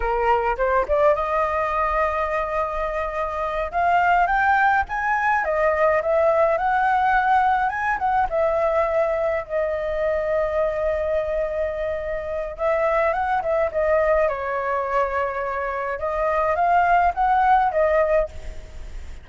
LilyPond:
\new Staff \with { instrumentName = "flute" } { \time 4/4 \tempo 4 = 105 ais'4 c''8 d''8 dis''2~ | dis''2~ dis''8 f''4 g''8~ | g''8 gis''4 dis''4 e''4 fis''8~ | fis''4. gis''8 fis''8 e''4.~ |
e''8 dis''2.~ dis''8~ | dis''2 e''4 fis''8 e''8 | dis''4 cis''2. | dis''4 f''4 fis''4 dis''4 | }